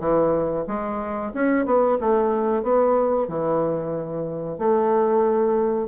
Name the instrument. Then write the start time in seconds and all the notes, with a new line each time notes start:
bassoon
0.00 E3
0.67 G#3
1.34 C#4
1.65 B3
2.00 A3
2.63 B3
3.28 E3
4.58 A3